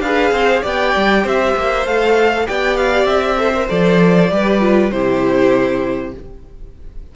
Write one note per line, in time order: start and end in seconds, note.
0.00 0.30 D4
0.00 0.62 G#4
0.00 0.32 B4
0.00 0.62 F5
0.30 0.61 C4
0.30 0.62 C5
0.62 0.95 B3
0.62 1.85 G4
0.62 1.23 D5
0.62 1.27 G5
0.96 1.24 G3
1.23 1.55 C4
1.23 2.45 C5
1.23 1.86 E5
1.56 1.85 A#3
1.85 2.47 A3
1.85 2.46 A4
1.85 2.47 F5
2.46 3.04 B3
2.46 3.37 G4
2.46 3.39 D5
2.46 2.76 G5
2.76 3.06 F5
3.04 3.66 C4
3.04 3.67 E5
3.37 3.53 A4
3.37 4.31 C5
3.54 3.68 A#4
3.68 4.30 F3
3.68 4.29 A4
3.68 4.90 D5
4.30 4.91 G3
4.30 4.60 G4
4.30 4.93 B4
4.60 4.90 F4
4.90 6.14 C3
4.90 6.14 E4
4.90 6.15 G4
4.90 6.13 C5